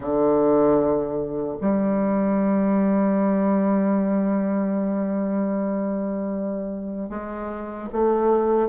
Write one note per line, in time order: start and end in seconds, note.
0.00 1.57 D3
1.60 7.09 G3
7.09 7.88 G#3
7.92 8.68 A3